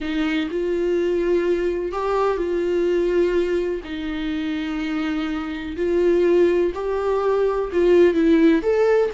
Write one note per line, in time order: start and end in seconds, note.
0.00 0.48 D#4
0.50 1.92 F4
1.92 2.37 G4
2.37 3.81 F4
3.84 5.76 D#4
5.76 6.72 F4
6.74 7.70 G4
7.72 8.14 F4
8.14 8.62 E4
8.62 9.10 A4